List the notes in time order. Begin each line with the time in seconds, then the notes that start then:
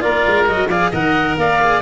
0.00 A#3 F4 A#4 D5
0.27 G#3
0.46 F#3 F#4 D#5
0.67 F3 G#4 D5 F5
0.90 D#3 A#4 D#5 F#5
1.37 A#3 D5 F5
1.61 G#4